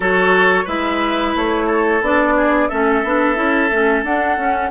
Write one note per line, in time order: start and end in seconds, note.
0.00 0.64 F#3
0.00 0.66 F#4
0.00 0.64 A4
0.00 0.67 C#5
0.64 1.34 G#3
0.64 2.01 E4
0.64 1.66 B4
0.64 1.35 E5
1.35 2.01 A3
1.35 2.03 C#5
1.66 2.33 A4
2.01 2.68 B3
2.01 2.70 D4
2.01 2.68 D5
2.36 2.68 G#4
2.68 3.04 A3
2.68 3.04 C#4
2.68 4.71 A4
2.68 4.03 E5
3.04 3.36 B3
3.04 3.35 D4
3.35 3.70 C#4
3.35 3.69 E4
3.70 4.04 A3
3.70 4.04 C#4
4.04 4.37 D4
4.04 4.71 F#5
4.37 4.71 C#4